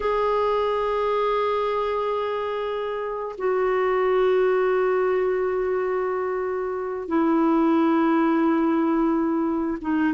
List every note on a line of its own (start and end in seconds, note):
0.00 3.35 G#4
3.37 7.08 F#4
7.08 9.78 E4
9.81 10.13 D#4